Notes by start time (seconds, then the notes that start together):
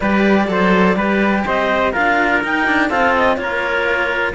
0.00 G3 G4 B4 D5
0.47 F#3 A4 C5
0.96 G3 G4 B4
1.46 C4 C5 D#5
1.92 D4 F4 A#4 F5
2.42 D#4 G5
2.67 D4
2.89 C4 F4 A4 F5
3.17 D#5
3.37 A#3 F4 A#4 C#5